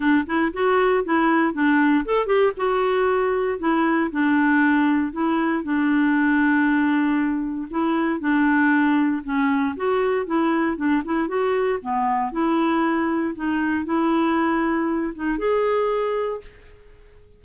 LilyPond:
\new Staff \with { instrumentName = "clarinet" } { \time 4/4 \tempo 4 = 117 d'8 e'8 fis'4 e'4 d'4 | a'8 g'8 fis'2 e'4 | d'2 e'4 d'4~ | d'2. e'4 |
d'2 cis'4 fis'4 | e'4 d'8 e'8 fis'4 b4 | e'2 dis'4 e'4~ | e'4. dis'8 gis'2 | }